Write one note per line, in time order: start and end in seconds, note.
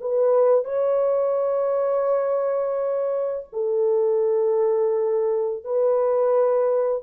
0.00 0.64 B4
0.64 3.47 C#5
3.52 5.64 A4
5.64 7.03 B4